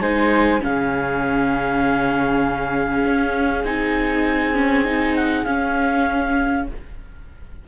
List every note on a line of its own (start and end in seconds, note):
0.00 0.61 G#3
0.00 0.60 D#4
0.00 0.61 C5
0.00 0.61 G#5
0.60 3.05 C#3
0.60 3.63 C#4
0.60 6.67 G#4
0.60 3.65 F5
3.05 3.64 C#4
3.64 5.46 C4
3.64 4.54 D#4
3.64 5.16 G#5
4.54 4.84 C#4
4.84 5.45 D#4
5.16 5.44 F#5
5.44 6.67 C#4
5.44 6.68 C#4
5.44 6.66 F5